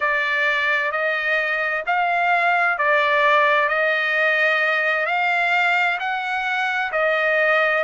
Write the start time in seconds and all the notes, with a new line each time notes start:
0.00 D5
0.91 D#5
1.86 F5
2.78 D5
3.68 D#5
5.06 F5
5.99 F#5
6.91 D#5